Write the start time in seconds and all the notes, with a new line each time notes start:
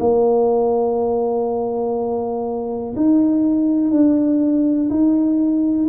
0.00 A#3
2.96 D#4
3.91 D4
4.90 D#4